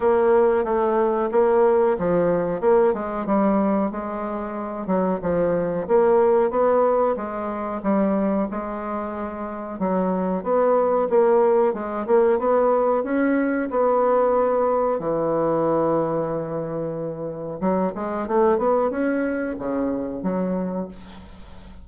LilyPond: \new Staff \with { instrumentName = "bassoon" } { \time 4/4 \tempo 4 = 92 ais4 a4 ais4 f4 | ais8 gis8 g4 gis4. fis8 | f4 ais4 b4 gis4 | g4 gis2 fis4 |
b4 ais4 gis8 ais8 b4 | cis'4 b2 e4~ | e2. fis8 gis8 | a8 b8 cis'4 cis4 fis4 | }